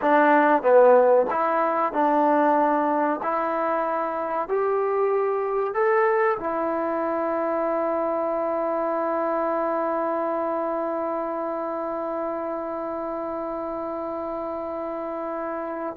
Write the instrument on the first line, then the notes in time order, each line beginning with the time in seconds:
trombone
0.01 D4
0.62 B3
1.30 E4
1.92 D4
3.22 E4
4.48 G4
5.73 A4
6.39 E4